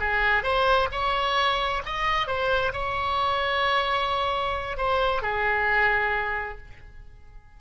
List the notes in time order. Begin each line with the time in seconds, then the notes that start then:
0.00 G#4
0.43 C5
0.92 C#5
1.86 D#5
2.27 C5
2.73 C#5
4.77 C5
5.22 G#4